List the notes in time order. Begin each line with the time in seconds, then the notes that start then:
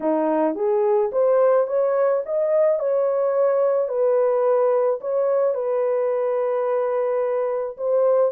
0.00 D#4
0.55 G#4
1.12 C5
1.67 C#5
2.25 D#5
2.79 C#5
3.88 B4
5.00 C#5
5.54 B4
7.77 C5